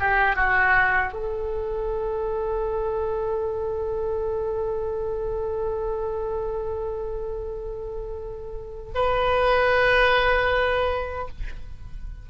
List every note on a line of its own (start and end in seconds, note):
0.00 0.36 G4
0.36 1.14 F#4
1.14 8.93 A4
8.95 11.29 B4